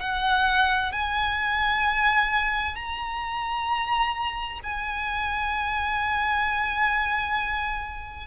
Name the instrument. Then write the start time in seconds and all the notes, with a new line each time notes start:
violin
0.00 F#5
0.92 G#5
2.76 A#5
4.64 G#5